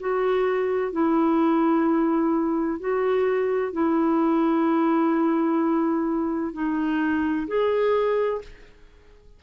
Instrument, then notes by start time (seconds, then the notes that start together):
clarinet
0.00 F#4
0.92 E4
2.80 F#4
3.72 E4
6.53 D#4
7.47 G#4